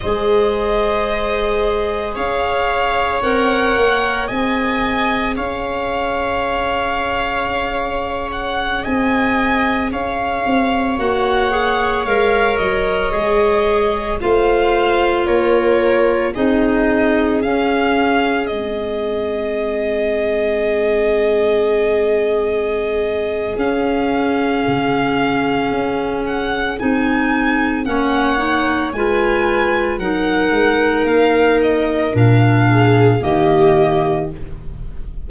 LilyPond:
<<
  \new Staff \with { instrumentName = "violin" } { \time 4/4 \tempo 4 = 56 dis''2 f''4 fis''4 | gis''4 f''2~ f''8. fis''16~ | fis''16 gis''4 f''4 fis''4 f''8 dis''16~ | dis''4~ dis''16 f''4 cis''4 dis''8.~ |
dis''16 f''4 dis''2~ dis''8.~ | dis''2 f''2~ | f''8 fis''8 gis''4 fis''4 gis''4 | fis''4 f''8 dis''8 f''4 dis''4 | }
  \new Staff \with { instrumentName = "viola" } { \time 4/4 c''2 cis''2 | dis''4 cis''2.~ | cis''16 dis''4 cis''2~ cis''8.~ | cis''4~ cis''16 c''4 ais'4 gis'8.~ |
gis'1~ | gis'1~ | gis'2 cis''4 b'4 | ais'2~ ais'8 gis'8 g'4 | }
  \new Staff \with { instrumentName = "clarinet" } { \time 4/4 gis'2. ais'4 | gis'1~ | gis'2~ gis'16 fis'8 gis'8 ais'8.~ | ais'16 gis'4 f'2 dis'8.~ |
dis'16 cis'4 c'2~ c'8.~ | c'2 cis'2~ | cis'4 dis'4 cis'8 dis'8 f'4 | dis'2 d'4 ais4 | }
  \new Staff \with { instrumentName = "tuba" } { \time 4/4 gis2 cis'4 c'8 ais8 | c'4 cis'2.~ | cis'16 c'4 cis'8 c'8 ais4 gis8 fis16~ | fis16 gis4 a4 ais4 c'8.~ |
c'16 cis'4 gis2~ gis8.~ | gis2 cis'4 cis4 | cis'4 c'4 ais4 gis4 | fis8 gis8 ais4 ais,4 dis4 | }
>>